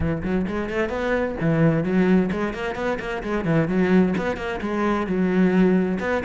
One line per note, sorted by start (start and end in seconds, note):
0.00 0.22 E3
0.23 0.46 F#3
0.47 0.69 G#3
0.69 0.89 A3
0.89 1.35 B3
1.40 1.83 E3
1.83 2.30 F#3
2.31 2.53 G#3
2.53 2.75 A#3
2.75 2.98 B3
2.99 3.22 A#3
3.23 3.44 G#3
3.44 3.68 E3
3.68 4.14 F#3
4.17 4.37 B3
4.37 4.60 A#3
4.61 5.06 G#3
5.06 5.99 F#3
6.00 6.23 B3